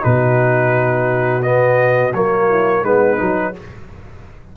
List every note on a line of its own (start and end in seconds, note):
0.00 2.13 B2
0.00 1.41 D#4
0.00 2.49 F#4
0.00 1.42 B4
1.42 2.12 B3
1.42 2.13 D#5
2.13 2.83 F#3
2.13 2.85 A#3
2.13 2.84 C#5
2.49 2.81 E4
2.81 3.18 G#3
2.81 3.17 B3
2.81 3.51 D#4
2.81 3.55 B4
3.17 3.56 F#3
3.17 3.53 D#4